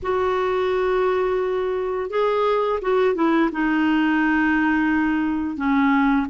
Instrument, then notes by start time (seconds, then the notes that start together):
clarinet
0.02 F#4
2.09 G#4
2.81 F#4
3.15 E4
3.52 D#4
5.57 C#4